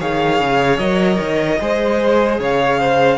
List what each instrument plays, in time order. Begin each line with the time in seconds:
0.00 cello D#3, viola G#4, violin C#5 F5
0.40 cello C#3
0.79 cello F#3, viola A#4, violin D#5
1.20 cello D#3
1.61 cello G#3, viola G#4, violin C5
2.39 cello C#3, violin C#5 F5
2.80 violin C5